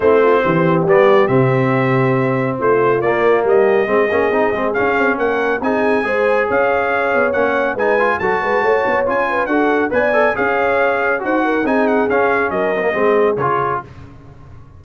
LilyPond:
<<
  \new Staff \with { instrumentName = "trumpet" } { \time 4/4 \tempo 4 = 139 c''2 d''4 e''4~ | e''2 c''4 d''4 | dis''2. f''4 | fis''4 gis''2 f''4~ |
f''4 fis''4 gis''4 a''4~ | a''4 gis''4 fis''4 gis''4 | f''2 fis''4 gis''8 fis''8 | f''4 dis''2 cis''4 | }
  \new Staff \with { instrumentName = "horn" } { \time 4/4 e'8 f'8 g'2.~ | g'2 f'2 | g'4 gis'2. | ais'4 gis'4 c''4 cis''4~ |
cis''2 b'4 a'8 b'8 | cis''4. b'8 a'4 d''4 | cis''2 c''8 ais'8 gis'4~ | gis'4 ais'4 gis'2 | }
  \new Staff \with { instrumentName = "trombone" } { \time 4/4 c'2 b4 c'4~ | c'2. ais4~ | ais4 c'8 cis'8 dis'8 c'8 cis'4~ | cis'4 dis'4 gis'2~ |
gis'4 cis'4 dis'8 f'8 fis'4~ | fis'4 f'4 fis'4 b'8 a'8 | gis'2 fis'4 dis'4 | cis'4. c'16 ais16 c'4 f'4 | }
  \new Staff \with { instrumentName = "tuba" } { \time 4/4 a4 e4 g4 c4~ | c2 a4 ais4 | g4 gis8 ais8 c'8 gis8 cis'8 c'8 | ais4 c'4 gis4 cis'4~ |
cis'8 b8 ais4 gis4 fis8 gis8 | a8 b8 cis'4 d'4 b4 | cis'2 dis'4 c'4 | cis'4 fis4 gis4 cis4 | }
>>